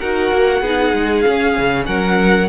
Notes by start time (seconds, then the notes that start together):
0.00 D#4 F#4 A#4 F#5
0.32 A#3
0.61 B3 D#4 G#4
0.94 G#3
1.21 C#4 F5
1.28 C#4
1.58 C#3
1.86 F#3 A#4 F#5